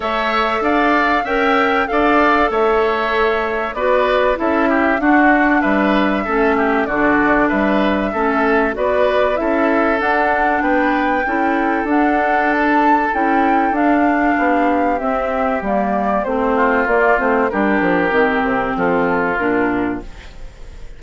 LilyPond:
<<
  \new Staff \with { instrumentName = "flute" } { \time 4/4 \tempo 4 = 96 e''4 f''4 g''4 f''4 | e''2 d''4 e''4 | fis''4 e''2 d''4 | e''2 d''4 e''4 |
fis''4 g''2 fis''4 | a''4 g''4 f''2 | e''4 d''4 c''4 d''8 c''8 | ais'2 a'4 ais'4 | }
  \new Staff \with { instrumentName = "oboe" } { \time 4/4 cis''4 d''4 e''4 d''4 | cis''2 b'4 a'8 g'8 | fis'4 b'4 a'8 g'8 fis'4 | b'4 a'4 b'4 a'4~ |
a'4 b'4 a'2~ | a'2. g'4~ | g'2~ g'8 f'4. | g'2 f'2 | }
  \new Staff \with { instrumentName = "clarinet" } { \time 4/4 a'2 ais'4 a'4~ | a'2 fis'4 e'4 | d'2 cis'4 d'4~ | d'4 cis'4 fis'4 e'4 |
d'2 e'4 d'4~ | d'4 e'4 d'2 | c'4 ais4 c'4 ais8 c'8 | d'4 c'2 d'4 | }
  \new Staff \with { instrumentName = "bassoon" } { \time 4/4 a4 d'4 cis'4 d'4 | a2 b4 cis'4 | d'4 g4 a4 d4 | g4 a4 b4 cis'4 |
d'4 b4 cis'4 d'4~ | d'4 cis'4 d'4 b4 | c'4 g4 a4 ais8 a8 | g8 f8 dis8 c8 f4 ais,4 | }
>>